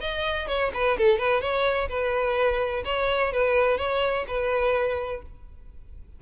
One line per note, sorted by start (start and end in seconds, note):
0.00 0.47 D#5
0.47 0.71 C#5
0.73 0.97 B4
0.97 1.18 A4
1.18 1.41 B4
1.41 1.88 C#5
1.89 2.83 B4
2.85 3.32 C#5
3.32 3.78 B4
3.78 4.25 C#5
4.27 5.22 B4